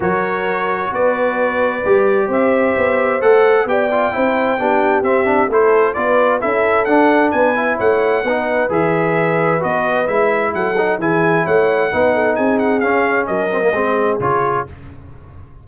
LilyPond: <<
  \new Staff \with { instrumentName = "trumpet" } { \time 4/4 \tempo 4 = 131 cis''2 d''2~ | d''4 e''2 fis''4 | g''2. e''4 | c''4 d''4 e''4 fis''4 |
gis''4 fis''2 e''4~ | e''4 dis''4 e''4 fis''4 | gis''4 fis''2 gis''8 fis''8 | f''4 dis''2 cis''4 | }
  \new Staff \with { instrumentName = "horn" } { \time 4/4 ais'2 b'2~ | b'4 c''2. | d''4 c''4 g'2 | a'4 b'4 a'2 |
b'4 cis''4 b'2~ | b'2. a'4 | gis'4 cis''4 b'8 a'8 gis'4~ | gis'4 ais'4 gis'2 | }
  \new Staff \with { instrumentName = "trombone" } { \time 4/4 fis'1 | g'2. a'4 | g'8 f'8 e'4 d'4 c'8 d'8 | e'4 f'4 e'4 d'4~ |
d'8 e'4. dis'4 gis'4~ | gis'4 fis'4 e'4. dis'8 | e'2 dis'2 | cis'4. c'16 ais16 c'4 f'4 | }
  \new Staff \with { instrumentName = "tuba" } { \time 4/4 fis2 b2 | g4 c'4 b4 a4 | b4 c'4 b4 c'4 | a4 b4 cis'4 d'4 |
b4 a4 b4 e4~ | e4 b4 gis4 fis4 | e4 a4 b4 c'4 | cis'4 fis4 gis4 cis4 | }
>>